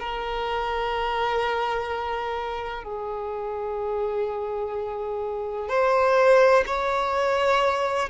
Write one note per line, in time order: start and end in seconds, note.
0.00 2.84 A#4
2.84 5.69 G#4
5.69 6.65 C5
6.67 8.10 C#5